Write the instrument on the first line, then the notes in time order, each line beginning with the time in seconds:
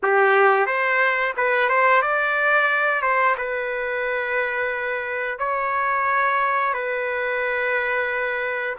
trumpet
0.02 G4
0.66 C5
1.36 B4
1.69 C5
2.02 D5
3.02 C5
3.37 B4
5.38 C#5
6.73 B4